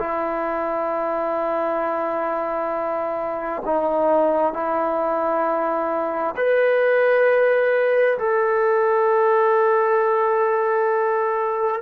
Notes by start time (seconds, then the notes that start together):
0.00 E4
3.66 D#4
4.54 E4
6.37 B4
8.19 A4